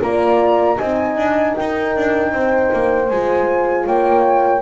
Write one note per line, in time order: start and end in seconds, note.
0.00 0.79 A#3
0.00 0.77 F4
0.00 0.78 D5
0.00 0.78 A#5
0.78 1.16 C4
0.78 3.08 D#4
0.78 1.55 D#5
0.78 1.55 G#5
1.16 1.55 D4
1.55 1.96 D#4
1.55 2.31 A#4
1.55 3.08 G5
1.96 2.32 D4
2.31 2.70 C4
2.31 3.85 C5
2.73 3.10 A#3
3.08 3.87 G#3
3.08 4.61 F4
3.08 3.85 G#5
3.85 4.61 A#3
3.85 4.61 C#5
3.85 4.61 G5